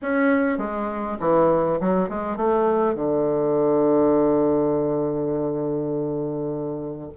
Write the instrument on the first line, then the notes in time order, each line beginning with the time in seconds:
bassoon
0.01 C#4
0.58 G#3
1.20 E3
1.80 F#3
2.09 G#3
2.37 A3
2.94 D3